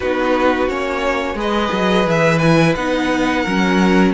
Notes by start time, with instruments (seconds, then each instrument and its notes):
0.00 cello B3, viola D#4, violin F#4 B4
0.68 cello A#3, viola C#4, violin C#5
1.34 cello G#3, viola G#4, violin B4 D#5
1.72 cello F#3
2.06 cello E3, violin E5
2.38 viola E4, violin G#5
2.75 cello B3, viola D#4, violin F#5
3.42 cello F#3, viola C#4, violin A#4